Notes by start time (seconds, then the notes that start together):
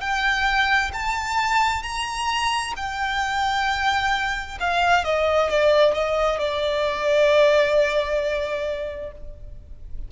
0.00 G5
0.93 A5
1.83 A#5
2.76 G5
4.60 F5
5.04 D#5
5.49 D5
5.94 D#5
6.38 D5